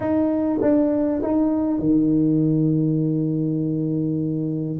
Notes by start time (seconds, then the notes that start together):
0.00 D#4
0.61 D4
1.22 D#4
1.79 D#3